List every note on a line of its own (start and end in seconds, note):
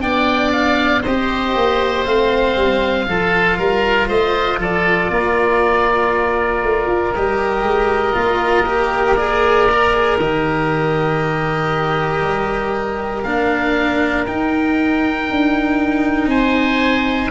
0.00 1.04 B3
0.00 1.03 D4
0.00 1.01 D5
0.00 0.51 G5
0.51 1.02 F5
1.01 1.55 C4
1.01 2.05 G4
1.01 3.05 C5
1.01 2.05 D#5
1.55 2.05 A#3
2.05 2.56 A3
2.05 3.06 C4
2.05 4.08 F5
2.56 3.06 G3
3.06 3.58 F3
3.06 7.13 F4
3.06 3.58 A4
3.58 4.08 G3
3.58 4.08 A#4
4.08 4.57 A3
4.08 4.58 C5
4.08 4.59 D#5
4.57 5.08 F3
4.57 5.11 A4
4.57 7.15 D5
5.10 6.62 A#3
5.10 16.29 A#4
6.63 6.86 A3
6.86 7.11 F4
7.15 7.62 G3
7.15 8.13 G4
7.15 9.16 D#5
7.62 8.13 G#3
8.13 10.18 A#3
8.13 8.64 F4
8.65 9.16 G4
9.16 9.67 G#4
9.16 10.17 D5
9.71 9.93 A#4
9.93 10.19 G#4
10.18 12.21 D#3
10.18 13.25 G4
10.18 13.22 D#5
12.21 13.22 G3
13.22 14.26 A#3
13.22 14.26 D4
13.22 14.24 F5
14.26 15.28 D#4
14.26 17.30 D#4
14.26 16.29 G5
15.30 16.26 D4
16.26 17.28 C4
16.26 17.30 C5
16.26 17.30 G#5